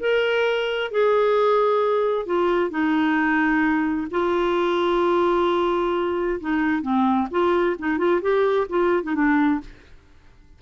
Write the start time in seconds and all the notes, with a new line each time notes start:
0.00 A#4
0.91 G#4
2.26 F4
2.70 D#4
4.11 F4
6.40 D#4
6.82 C4
7.31 F4
7.79 D#4
7.98 F4
8.22 G4
8.69 F4
9.03 D#4
9.15 D4